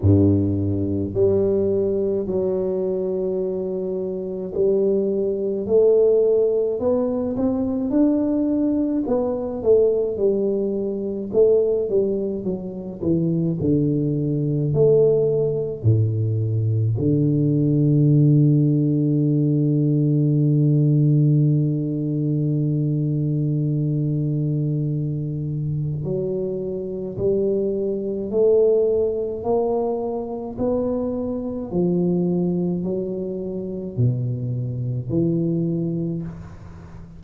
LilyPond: \new Staff \with { instrumentName = "tuba" } { \time 4/4 \tempo 4 = 53 g,4 g4 fis2 | g4 a4 b8 c'8 d'4 | b8 a8 g4 a8 g8 fis8 e8 | d4 a4 a,4 d4~ |
d1~ | d2. fis4 | g4 a4 ais4 b4 | f4 fis4 b,4 e4 | }